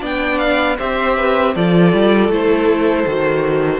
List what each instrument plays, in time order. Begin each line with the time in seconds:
0.00 cello B3, viola D4, violin D5 G5
0.38 violin F5
0.78 cello C4, viola G4, violin C5 E5
1.16 violin B4
1.54 cello F3, viola F4, violin A4 D5
1.93 cello G3
2.29 cello A3, viola E4, violin C5
3.07 cello D#3, viola F#4